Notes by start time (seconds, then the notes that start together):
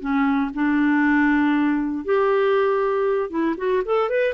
0.00 C#4
0.54 D4
2.05 G4
3.30 E4
3.57 F#4
3.85 A4
4.10 B4